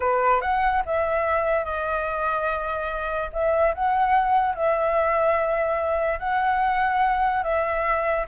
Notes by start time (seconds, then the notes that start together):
0.00 B4
0.41 F#5
0.85 E5
1.65 D#5
3.32 E5
3.74 F#5
4.55 E5
6.19 F#5
7.43 E5